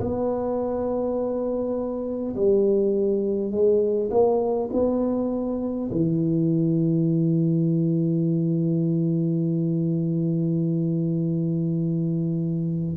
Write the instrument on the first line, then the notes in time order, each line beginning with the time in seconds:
tuba
0.00 B3
2.36 G3
3.51 G#3
4.11 A#3
4.72 B3
5.91 E3